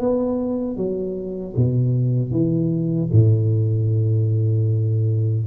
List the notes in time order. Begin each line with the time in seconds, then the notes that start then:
0.00 B3
0.77 F#3
1.56 B2
2.32 E3
3.12 A2